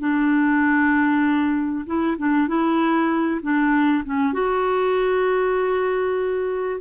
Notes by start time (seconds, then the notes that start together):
0.00 D4
1.86 E4
2.18 D4
2.48 E4
3.42 D4
4.05 C#4
4.33 F#4